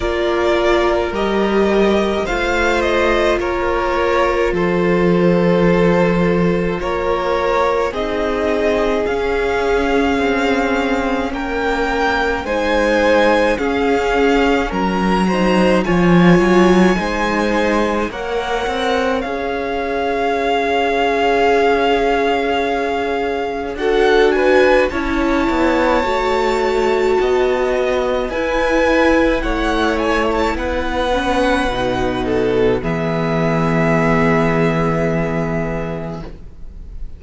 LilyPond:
<<
  \new Staff \with { instrumentName = "violin" } { \time 4/4 \tempo 4 = 53 d''4 dis''4 f''8 dis''8 cis''4 | c''2 cis''4 dis''4 | f''2 g''4 gis''4 | f''4 ais''4 gis''2 |
fis''4 f''2.~ | f''4 fis''8 gis''8 a''2~ | a''4 gis''4 fis''8 gis''16 a''16 fis''4~ | fis''4 e''2. | }
  \new Staff \with { instrumentName = "violin" } { \time 4/4 ais'2 c''4 ais'4 | a'2 ais'4 gis'4~ | gis'2 ais'4 c''4 | gis'4 ais'8 c''8 cis''4 c''4 |
cis''1~ | cis''4 a'8 b'8 cis''2 | dis''4 b'4 cis''4 b'4~ | b'8 a'8 gis'2. | }
  \new Staff \with { instrumentName = "viola" } { \time 4/4 f'4 g'4 f'2~ | f'2. dis'4 | cis'2. dis'4 | cis'4. dis'8 f'4 dis'4 |
ais'4 gis'2.~ | gis'4 fis'4 e'4 fis'4~ | fis'4 e'2~ e'8 cis'8 | dis'4 b2. | }
  \new Staff \with { instrumentName = "cello" } { \time 4/4 ais4 g4 a4 ais4 | f2 ais4 c'4 | cis'4 c'4 ais4 gis4 | cis'4 fis4 f8 fis8 gis4 |
ais8 c'8 cis'2.~ | cis'4 d'4 cis'8 b8 a4 | b4 e'4 a4 b4 | b,4 e2. | }
>>